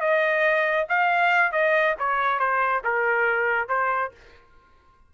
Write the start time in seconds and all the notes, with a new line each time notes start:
0.00 D#5
0.88 F5
1.51 D#5
1.98 C#5
2.39 C5
2.84 A#4
3.68 C5